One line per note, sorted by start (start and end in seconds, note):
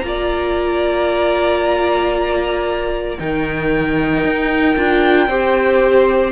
0.00 3.18 A#3
0.00 3.18 F4
0.00 3.16 A#5
0.08 3.20 D5
3.18 4.25 D#3
3.18 4.76 D#4
3.18 5.29 A#4
3.18 6.32 G5
4.25 4.77 D#4
4.77 5.28 D4
4.77 5.30 F4
5.28 6.32 C4
5.28 6.32 G4
5.28 6.32 C5